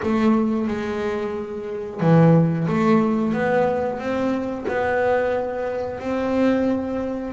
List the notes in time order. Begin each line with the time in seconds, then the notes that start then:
0.02 A3
0.67 G#3
2.00 E3
2.67 A3
3.33 B3
3.98 C4
4.68 B3
5.99 C4